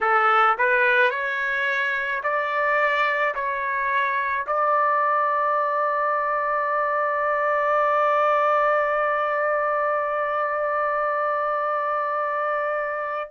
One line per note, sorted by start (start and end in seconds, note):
0.01 0.56 A4
0.58 1.10 B4
1.10 2.21 C#5
2.23 3.34 D5
3.34 4.45 C#5
4.46 13.31 D5